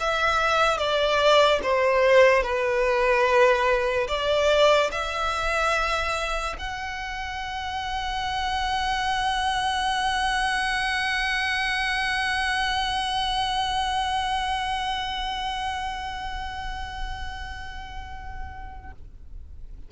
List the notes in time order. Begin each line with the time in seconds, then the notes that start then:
0.00 E5
0.77 D5
1.63 C5
2.42 B4
4.08 D5
4.92 E5
6.59 F#5